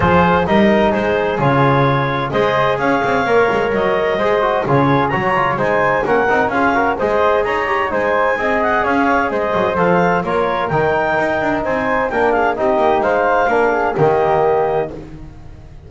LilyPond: <<
  \new Staff \with { instrumentName = "clarinet" } { \time 4/4 \tempo 4 = 129 c''4 dis''4 c''4 cis''4~ | cis''4 dis''4 f''2 | dis''2 cis''4 ais''4 | gis''4 fis''4 f''4 dis''4 |
ais''4 gis''4. fis''8 f''4 | dis''4 f''4 cis''4 g''4~ | g''4 gis''4 g''8 f''8 dis''4 | f''2 dis''2 | }
  \new Staff \with { instrumentName = "flute" } { \time 4/4 gis'4 ais'4 gis'2~ | gis'4 c''4 cis''2~ | cis''4 c''4 gis'4 cis''4 | c''4 ais'4 gis'8 ais'8 c''4 |
cis''4 c''4 dis''4 cis''4 | c''2 ais'2~ | ais'4 c''4 ais'8 gis'8 g'4 | c''4 ais'8 gis'8 g'2 | }
  \new Staff \with { instrumentName = "trombone" } { \time 4/4 f'4 dis'2 f'4~ | f'4 gis'2 ais'4~ | ais'4 gis'8 fis'8 f'4 fis'8 f'8 | dis'4 cis'8 dis'8 f'8 fis'8 gis'4~ |
gis'8 g'8 dis'4 gis'2~ | gis'4 a'4 f'4 dis'4~ | dis'2 d'4 dis'4~ | dis'4 d'4 ais2 | }
  \new Staff \with { instrumentName = "double bass" } { \time 4/4 f4 g4 gis4 cis4~ | cis4 gis4 cis'8 c'8 ais8 gis8 | fis4 gis4 cis4 fis4 | gis4 ais8 c'8 cis'4 gis4 |
dis'4 gis4 c'4 cis'4 | gis8 fis8 f4 ais4 dis4 | dis'8 d'8 c'4 ais4 c'8 ais8 | gis4 ais4 dis2 | }
>>